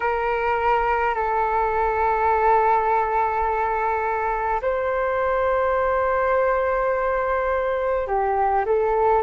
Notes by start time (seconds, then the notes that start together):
0.00 A#4
1.14 A4
4.61 C5
8.07 G4
8.65 A4